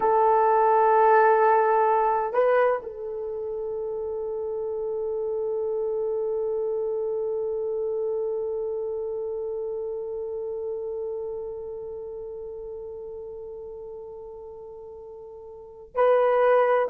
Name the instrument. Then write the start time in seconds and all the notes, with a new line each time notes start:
horn
0.00 A4
2.33 B4
2.82 A4
15.94 B4